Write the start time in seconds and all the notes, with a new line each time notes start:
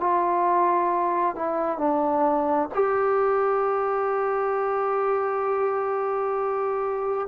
0.00 F4
1.36 E4
1.78 D4
2.74 G4